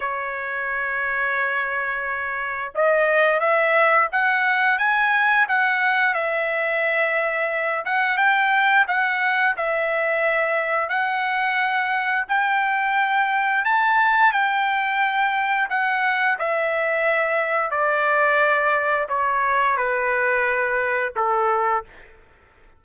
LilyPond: \new Staff \with { instrumentName = "trumpet" } { \time 4/4 \tempo 4 = 88 cis''1 | dis''4 e''4 fis''4 gis''4 | fis''4 e''2~ e''8 fis''8 | g''4 fis''4 e''2 |
fis''2 g''2 | a''4 g''2 fis''4 | e''2 d''2 | cis''4 b'2 a'4 | }